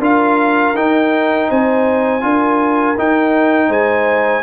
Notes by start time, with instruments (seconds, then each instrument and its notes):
0.00 tuba D4, trombone F4, horn A#4, trumpet F5
0.74 tuba D#4, trombone D#4, trumpet G5
1.49 tuba C4, horn C5, trumpet G#5
2.22 tuba D4, trombone F4, horn A#4
2.98 tuba D#4, trombone D#4, trumpet G5
3.69 tuba G#3, horn C5, trumpet G#5